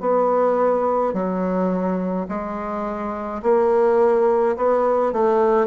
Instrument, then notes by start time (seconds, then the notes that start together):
bassoon
0.00 B3
1.13 F#3
2.28 G#3
3.43 A#3
4.56 B3
5.13 A3